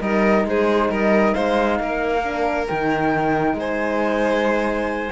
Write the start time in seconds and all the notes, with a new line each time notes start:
0.00 G3 D#4 A#4 D#5
0.45 G#3 G#4 C5
0.90 G3 A#4 D#5
1.34 G#3 C5 F5
1.80 A#3 A#4
2.24 D4
2.67 D#3 D#4 G5
3.54 G#3 C5 G#5